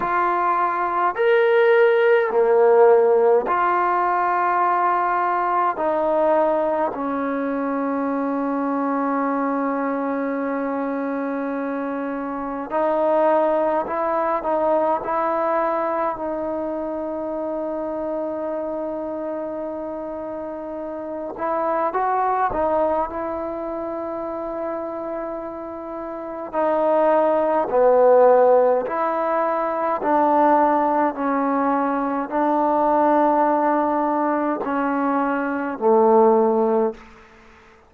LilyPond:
\new Staff \with { instrumentName = "trombone" } { \time 4/4 \tempo 4 = 52 f'4 ais'4 ais4 f'4~ | f'4 dis'4 cis'2~ | cis'2. dis'4 | e'8 dis'8 e'4 dis'2~ |
dis'2~ dis'8 e'8 fis'8 dis'8 | e'2. dis'4 | b4 e'4 d'4 cis'4 | d'2 cis'4 a4 | }